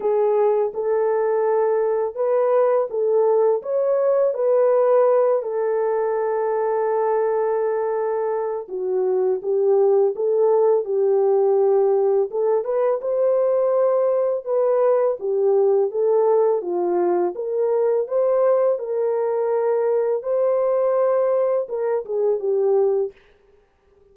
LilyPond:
\new Staff \with { instrumentName = "horn" } { \time 4/4 \tempo 4 = 83 gis'4 a'2 b'4 | a'4 cis''4 b'4. a'8~ | a'1 | fis'4 g'4 a'4 g'4~ |
g'4 a'8 b'8 c''2 | b'4 g'4 a'4 f'4 | ais'4 c''4 ais'2 | c''2 ais'8 gis'8 g'4 | }